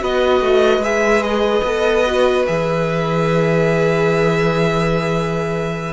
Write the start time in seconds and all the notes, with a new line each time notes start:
0.00 B3 F#4 B4 D#5
0.41 A3
0.79 G#3 G#4 E5
1.23 D#5
1.64 B3 A4
2.06 F#4
2.46 E3 G#4 E5